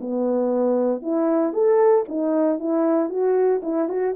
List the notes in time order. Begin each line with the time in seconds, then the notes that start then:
0.00 B3
1.02 E4
1.53 A4
2.08 D#4
2.59 E4
3.09 F#4
3.63 E4
3.88 F#4